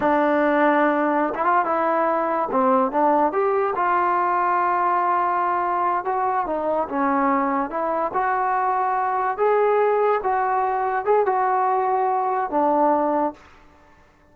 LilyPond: \new Staff \with { instrumentName = "trombone" } { \time 4/4 \tempo 4 = 144 d'2.~ d'16 e'16 f'8 | e'2 c'4 d'4 | g'4 f'2.~ | f'2~ f'8 fis'4 dis'8~ |
dis'8 cis'2 e'4 fis'8~ | fis'2~ fis'8 gis'4.~ | gis'8 fis'2 gis'8 fis'4~ | fis'2 d'2 | }